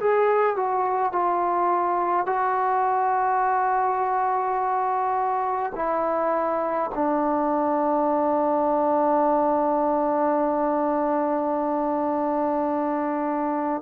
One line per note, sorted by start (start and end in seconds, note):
0.00 0.57 G#4
0.57 1.13 F#4
1.13 2.27 F4
2.27 5.73 F#4
5.76 6.91 E4
6.95 13.83 D4